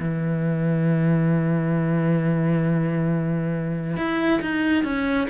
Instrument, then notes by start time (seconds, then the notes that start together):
cello
0.00 E3
3.97 E4
4.42 D#4
4.84 C#4